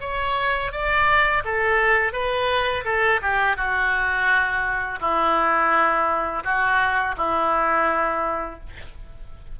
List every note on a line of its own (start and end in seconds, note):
0.00 0.71 C#5
0.71 1.43 D5
1.44 2.12 A4
2.12 2.84 B4
2.84 3.20 A4
3.21 3.56 G4
3.56 4.99 F#4
5.00 6.43 E4
6.44 7.15 F#4
7.17 8.59 E4